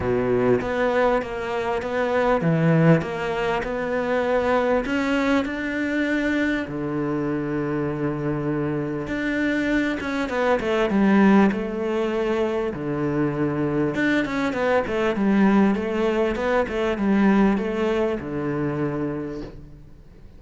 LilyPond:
\new Staff \with { instrumentName = "cello" } { \time 4/4 \tempo 4 = 99 b,4 b4 ais4 b4 | e4 ais4 b2 | cis'4 d'2 d4~ | d2. d'4~ |
d'8 cis'8 b8 a8 g4 a4~ | a4 d2 d'8 cis'8 | b8 a8 g4 a4 b8 a8 | g4 a4 d2 | }